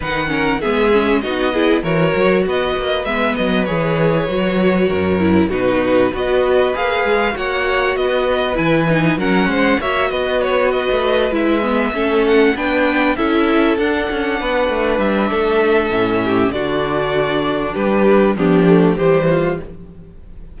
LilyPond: <<
  \new Staff \with { instrumentName = "violin" } { \time 4/4 \tempo 4 = 98 fis''4 e''4 dis''4 cis''4 | dis''4 e''8 dis''8 cis''2~ | cis''4 b'4 dis''4 f''4 | fis''4 dis''4 gis''4 fis''4 |
e''8 dis''8 cis''8 dis''4 e''4. | fis''8 g''4 e''4 fis''4.~ | fis''8 e''2~ e''8 d''4~ | d''4 b'4 g'4 c''4 | }
  \new Staff \with { instrumentName = "violin" } { \time 4/4 b'8 ais'8 gis'4 fis'8 gis'8 ais'4 | b'1 | ais'4 fis'4 b'2 | cis''4 b'2 ais'8 c''8 |
cis''8 b'2. a'8~ | a'8 b'4 a'2 b'8~ | b'4 a'4. g'8 fis'4~ | fis'4 g'4 d'4 g'8 f'8 | }
  \new Staff \with { instrumentName = "viola" } { \time 4/4 dis'8 cis'8 b8 cis'8 dis'8 e'8 fis'4~ | fis'4 b4 gis'4 fis'4~ | fis'8 e'8 dis'4 fis'4 gis'4 | fis'2 e'8 dis'8 cis'4 |
fis'2~ fis'8 e'8 b8 cis'8~ | cis'8 d'4 e'4 d'4.~ | d'2 cis'4 d'4~ | d'2 b8 a8 g4 | }
  \new Staff \with { instrumentName = "cello" } { \time 4/4 dis4 gis4 b4 e8 fis8 | b8 ais8 gis8 fis8 e4 fis4 | fis,4 b,4 b4 ais8 gis8 | ais4 b4 e4 fis8 gis8 |
ais8 b4~ b16 a8. gis4 a8~ | a8 b4 cis'4 d'8 cis'8 b8 | a8 g8 a4 a,4 d4~ | d4 g4 f4 e4 | }
>>